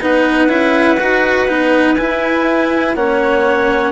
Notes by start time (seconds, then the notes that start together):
0.00 B3 D#4 B4 F#5
0.49 C#4 E4
1.00 D#4 F#4
1.48 B3 D#4
1.96 E4 G#5
2.95 A#3 C#4 C#5 F#5